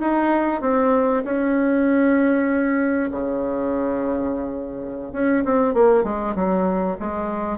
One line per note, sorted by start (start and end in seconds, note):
0.00 0.62 D#4
0.62 1.23 C4
1.25 3.10 C#4
3.12 5.13 C#3
5.13 5.44 C#4
5.45 5.74 C4
5.74 6.04 A#3
6.04 6.35 G#3
6.35 6.97 F#3
7.00 7.58 G#3